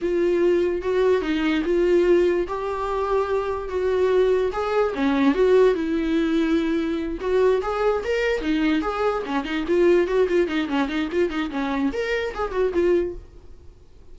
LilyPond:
\new Staff \with { instrumentName = "viola" } { \time 4/4 \tempo 4 = 146 f'2 fis'4 dis'4 | f'2 g'2~ | g'4 fis'2 gis'4 | cis'4 fis'4 e'2~ |
e'4. fis'4 gis'4 ais'8~ | ais'8 dis'4 gis'4 cis'8 dis'8 f'8~ | f'8 fis'8 f'8 dis'8 cis'8 dis'8 f'8 dis'8 | cis'4 ais'4 gis'8 fis'8 f'4 | }